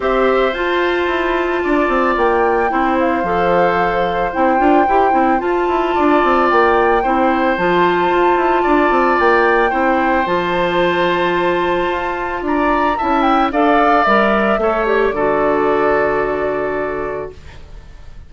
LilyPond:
<<
  \new Staff \with { instrumentName = "flute" } { \time 4/4 \tempo 4 = 111 e''4 a''2. | g''4. f''2~ f''8 | g''2 a''2 | g''2 a''2~ |
a''4 g''2 a''4~ | a''2. ais''4 | a''8 g''8 f''4 e''4. d''8~ | d''1 | }
  \new Staff \with { instrumentName = "oboe" } { \time 4/4 c''2. d''4~ | d''4 c''2.~ | c''2. d''4~ | d''4 c''2. |
d''2 c''2~ | c''2. d''4 | e''4 d''2 cis''4 | a'1 | }
  \new Staff \with { instrumentName = "clarinet" } { \time 4/4 g'4 f'2.~ | f'4 e'4 a'2 | e'8 f'8 g'8 e'8 f'2~ | f'4 e'4 f'2~ |
f'2 e'4 f'4~ | f'1 | e'4 a'4 ais'4 a'8 g'8 | fis'1 | }
  \new Staff \with { instrumentName = "bassoon" } { \time 4/4 c'4 f'4 e'4 d'8 c'8 | ais4 c'4 f2 | c'8 d'8 e'8 c'8 f'8 e'8 d'8 c'8 | ais4 c'4 f4 f'8 e'8 |
d'8 c'8 ais4 c'4 f4~ | f2 f'4 d'4 | cis'4 d'4 g4 a4 | d1 | }
>>